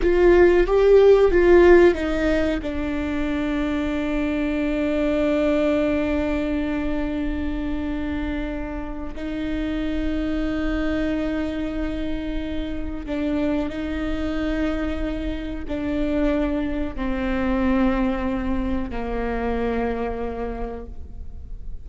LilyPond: \new Staff \with { instrumentName = "viola" } { \time 4/4 \tempo 4 = 92 f'4 g'4 f'4 dis'4 | d'1~ | d'1~ | d'2 dis'2~ |
dis'1 | d'4 dis'2. | d'2 c'2~ | c'4 ais2. | }